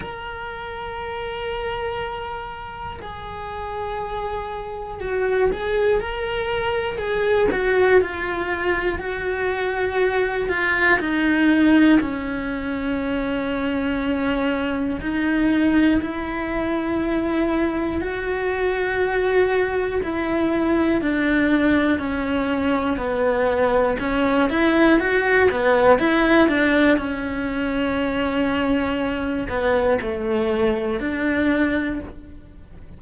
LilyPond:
\new Staff \with { instrumentName = "cello" } { \time 4/4 \tempo 4 = 60 ais'2. gis'4~ | gis'4 fis'8 gis'8 ais'4 gis'8 fis'8 | f'4 fis'4. f'8 dis'4 | cis'2. dis'4 |
e'2 fis'2 | e'4 d'4 cis'4 b4 | cis'8 e'8 fis'8 b8 e'8 d'8 cis'4~ | cis'4. b8 a4 d'4 | }